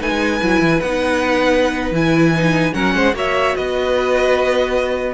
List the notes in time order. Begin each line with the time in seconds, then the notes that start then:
0.00 A3 D#4 B4 G#5
0.10 G#3
0.41 F#3 E4
0.60 E3
0.81 B3 D#4 F#5
1.92 E3 E4 G#5
2.36 D#4
2.73 F#3 C#4 A#4 F#5
2.95 G#3 C5
3.14 A#3 F#4 C#5 E5
3.56 B3 B4 D#5